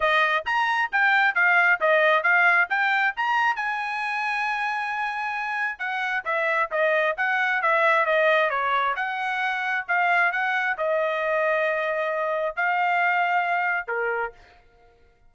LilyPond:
\new Staff \with { instrumentName = "trumpet" } { \time 4/4 \tempo 4 = 134 dis''4 ais''4 g''4 f''4 | dis''4 f''4 g''4 ais''4 | gis''1~ | gis''4 fis''4 e''4 dis''4 |
fis''4 e''4 dis''4 cis''4 | fis''2 f''4 fis''4 | dis''1 | f''2. ais'4 | }